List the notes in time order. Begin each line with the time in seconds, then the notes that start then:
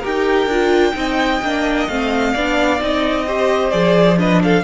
0.00 D#4 G4 A#4 G5
0.47 D4 F4
0.93 C4 D#4 D#5
1.42 A#3 D4
1.88 A3 C4 F5
2.33 B3 D4 D5
2.79 C4 D#4 D#5
3.26 G4 C5
3.71 F3 G#4 D5
4.17 D4 B4 D#5
4.42 A4 F5